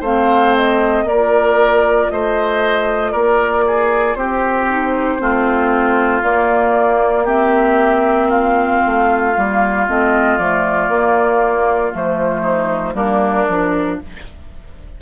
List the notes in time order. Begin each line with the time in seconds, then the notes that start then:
0.00 A3 C4 C5 F5
0.56 D#5
1.04 A#3 F4 A#4 D5
2.11 A3 C5 D#5
3.12 A#3 A#4 D5
3.67 G#4
4.15 C4 G4 C5
4.70 D#4
5.19 A3 C4 F4
6.23 A#3 D5
7.25 C4 G4 E5
8.29 F4 F5
8.86 A3
9.35 G3 A#3
9.88 A3 C4 D#5
10.38 F3 A3 D5
10.89 A#3
11.93 F3 A3 C5
12.42 D#4
12.94 G3 A#3 D4 A#4
13.48 F3 D4